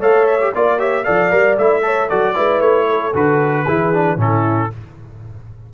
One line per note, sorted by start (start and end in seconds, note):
0.00 0.52 A3
0.00 0.40 A4
0.00 0.52 C#5
0.00 0.26 F5
0.26 0.52 E5
0.40 0.53 G4
0.54 1.07 A#3
0.54 0.78 F4
0.54 0.78 D5
0.54 0.79 D5
0.78 1.04 G4
0.78 1.04 C#5
0.78 1.04 E5
1.04 1.32 F3
1.04 1.31 A4
1.04 1.83 D5
1.04 1.56 F5
1.31 1.57 G3
1.31 1.57 A#4
1.57 2.10 A3
1.57 1.82 E4
1.57 2.09 E5
1.82 2.08 A4
1.82 2.08 C#5
2.08 2.38 F#3
2.08 2.35 F#4
2.08 2.34 A4
2.08 2.61 D5
2.35 2.60 G#3
2.35 3.13 E4
2.35 2.88 B4
2.60 3.12 A3
2.60 3.13 C#5
2.89 3.66 A4
3.14 3.66 D3
3.14 3.66 F#4
3.14 4.20 B4
3.66 4.16 E3
3.66 3.93 E4
3.66 4.18 G#4
3.93 4.17 D4
4.16 4.69 A2
4.16 4.70 C#4
4.16 4.72 E4
4.16 4.73 A4